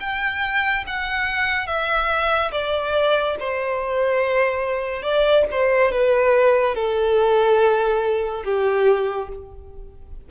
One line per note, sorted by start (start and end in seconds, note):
0.00 0.85 G5
0.87 1.67 F#5
1.67 2.52 E5
2.52 3.36 D5
3.40 5.03 C5
5.03 5.45 D5
5.52 5.92 C5
5.92 6.75 B4
6.75 8.44 A4
8.44 9.29 G4